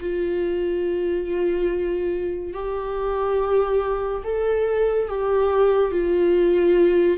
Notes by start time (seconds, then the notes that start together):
0.00 F4
2.53 G4
4.23 A4
5.08 G4
5.91 F4